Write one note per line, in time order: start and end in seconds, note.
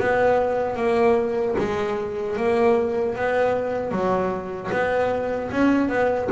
0.00 0.76 B3
0.76 1.55 A#3
1.58 2.37 G#3
2.37 3.16 A#3
3.16 3.91 B3
3.91 4.70 F#3
4.72 5.50 B3
5.51 5.89 C#4
5.89 6.29 B3